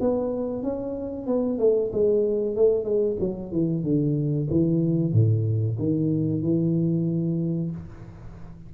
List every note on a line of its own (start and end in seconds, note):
0.00 0.63 B3
0.63 1.27 C#4
1.27 1.59 B3
1.59 1.91 A3
1.93 2.56 G#3
2.56 2.84 A3
2.84 3.16 G#3
3.20 3.52 F#3
3.52 3.83 E3
3.83 4.48 D3
4.50 5.13 E3
5.13 5.77 A2
5.78 6.42 D#3
6.42 7.71 E3